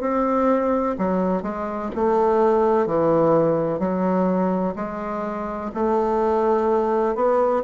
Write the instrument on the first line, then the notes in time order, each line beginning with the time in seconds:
bassoon
0.00 C4
0.98 F#3
1.42 G#3
1.95 A3
2.86 E3
3.79 F#3
4.75 G#3
5.74 A3
7.15 B3